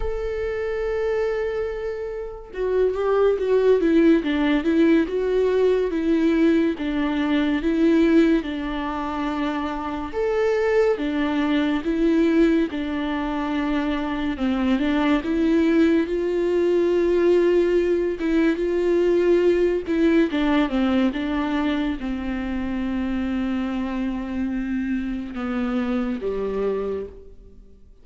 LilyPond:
\new Staff \with { instrumentName = "viola" } { \time 4/4 \tempo 4 = 71 a'2. fis'8 g'8 | fis'8 e'8 d'8 e'8 fis'4 e'4 | d'4 e'4 d'2 | a'4 d'4 e'4 d'4~ |
d'4 c'8 d'8 e'4 f'4~ | f'4. e'8 f'4. e'8 | d'8 c'8 d'4 c'2~ | c'2 b4 g4 | }